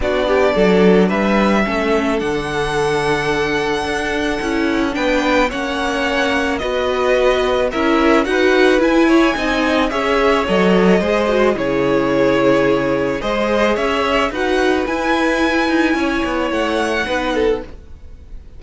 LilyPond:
<<
  \new Staff \with { instrumentName = "violin" } { \time 4/4 \tempo 4 = 109 d''2 e''2 | fis''1~ | fis''4 g''4 fis''2 | dis''2 e''4 fis''4 |
gis''2 e''4 dis''4~ | dis''4 cis''2. | dis''4 e''4 fis''4 gis''4~ | gis''2 fis''2 | }
  \new Staff \with { instrumentName = "violin" } { \time 4/4 fis'8 g'8 a'4 b'4 a'4~ | a'1~ | a'4 b'4 cis''2 | b'2 ais'4 b'4~ |
b'8 cis''8 dis''4 cis''2 | c''4 gis'2. | c''4 cis''4 b'2~ | b'4 cis''2 b'8 a'8 | }
  \new Staff \with { instrumentName = "viola" } { \time 4/4 d'2. cis'4 | d'1 | e'4 d'4 cis'2 | fis'2 e'4 fis'4 |
e'4 dis'4 gis'4 a'4 | gis'8 fis'8 e'2. | gis'2 fis'4 e'4~ | e'2. dis'4 | }
  \new Staff \with { instrumentName = "cello" } { \time 4/4 b4 fis4 g4 a4 | d2. d'4 | cis'4 b4 ais2 | b2 cis'4 dis'4 |
e'4 c'4 cis'4 fis4 | gis4 cis2. | gis4 cis'4 dis'4 e'4~ | e'8 dis'8 cis'8 b8 a4 b4 | }
>>